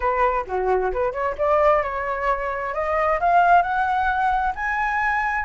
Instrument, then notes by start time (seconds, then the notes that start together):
flute
0.00 B4
0.46 F#4
0.92 B4
1.12 C#5
1.38 D5
1.83 C#5
2.74 D#5
3.19 F5
3.62 F#5
4.55 G#5